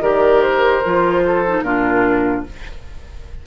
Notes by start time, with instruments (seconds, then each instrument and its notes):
0.00 bassoon D#3, clarinet G4, oboe A#4, flute D5
0.42 flute C5
0.84 bassoon F3, clarinet F4
1.25 oboe A4
1.46 clarinet D#4
1.62 bassoon A#2, clarinet D4, oboe F4, flute A#4